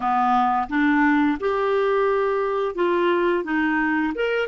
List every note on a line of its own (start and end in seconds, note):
0.00 0.67 B3
0.69 1.38 D4
1.39 2.75 G4
2.75 3.44 F4
3.44 4.13 D#4
4.14 4.47 A#4